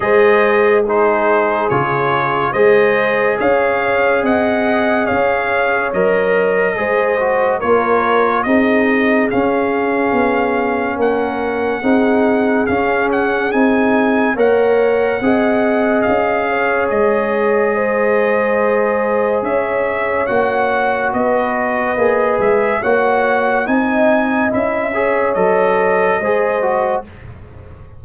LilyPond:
<<
  \new Staff \with { instrumentName = "trumpet" } { \time 4/4 \tempo 4 = 71 dis''4 c''4 cis''4 dis''4 | f''4 fis''4 f''4 dis''4~ | dis''4 cis''4 dis''4 f''4~ | f''4 fis''2 f''8 fis''8 |
gis''4 fis''2 f''4 | dis''2. e''4 | fis''4 dis''4. e''8 fis''4 | gis''4 e''4 dis''2 | }
  \new Staff \with { instrumentName = "horn" } { \time 4/4 c''4 gis'2 c''4 | cis''4 dis''4 cis''2 | c''4 ais'4 gis'2~ | gis'4 ais'4 gis'2~ |
gis'4 cis''4 dis''4. cis''8~ | cis''4 c''2 cis''4~ | cis''4 b'2 cis''4 | dis''4. cis''4. c''4 | }
  \new Staff \with { instrumentName = "trombone" } { \time 4/4 gis'4 dis'4 f'4 gis'4~ | gis'2. ais'4 | gis'8 fis'8 f'4 dis'4 cis'4~ | cis'2 dis'4 cis'4 |
dis'4 ais'4 gis'2~ | gis'1 | fis'2 gis'4 fis'4 | dis'4 e'8 gis'8 a'4 gis'8 fis'8 | }
  \new Staff \with { instrumentName = "tuba" } { \time 4/4 gis2 cis4 gis4 | cis'4 c'4 cis'4 fis4 | gis4 ais4 c'4 cis'4 | b4 ais4 c'4 cis'4 |
c'4 ais4 c'4 cis'4 | gis2. cis'4 | ais4 b4 ais8 gis8 ais4 | c'4 cis'4 fis4 gis4 | }
>>